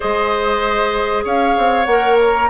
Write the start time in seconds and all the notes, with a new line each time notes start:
0.00 G#3 G#4 C5 D#5
1.24 C#4 C#5 F5
1.57 C4
1.85 A#3 A#4 F#5
2.20 A#5